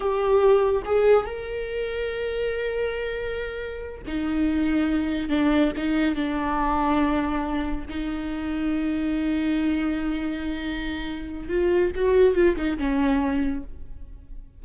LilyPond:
\new Staff \with { instrumentName = "viola" } { \time 4/4 \tempo 4 = 141 g'2 gis'4 ais'4~ | ais'1~ | ais'4. dis'2~ dis'8~ | dis'8 d'4 dis'4 d'4.~ |
d'2~ d'8 dis'4.~ | dis'1~ | dis'2. f'4 | fis'4 f'8 dis'8 cis'2 | }